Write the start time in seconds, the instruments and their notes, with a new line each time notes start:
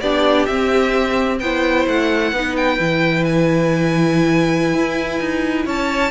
0.00 cello B3, viola D4, violin G4 D5
0.45 viola C4, cello C4, violin E5
1.39 cello B3, viola E4, violin C5 G5
1.86 cello A3, violin F#5
2.32 cello B3, viola D#4, violin B4
2.56 violin G5
2.79 cello E3, viola E4
3.24 violin G#5
4.73 cello E4
5.19 cello D#4
5.65 cello C#4, violin C#5 A5